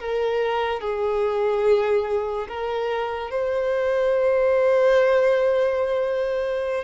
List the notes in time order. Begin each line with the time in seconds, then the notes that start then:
0.00 A#4
0.81 G#4
2.48 A#4
3.31 C5